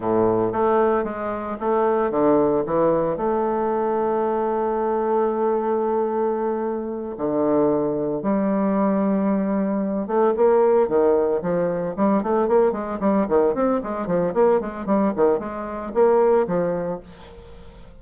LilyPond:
\new Staff \with { instrumentName = "bassoon" } { \time 4/4 \tempo 4 = 113 a,4 a4 gis4 a4 | d4 e4 a2~ | a1~ | a4. d2 g8~ |
g2. a8 ais8~ | ais8 dis4 f4 g8 a8 ais8 | gis8 g8 dis8 c'8 gis8 f8 ais8 gis8 | g8 dis8 gis4 ais4 f4 | }